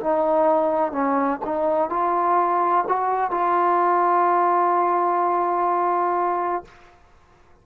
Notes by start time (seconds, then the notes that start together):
0.00 D#4
0.92 C#4
1.45 D#4
1.90 F4
2.88 F#4
3.31 F4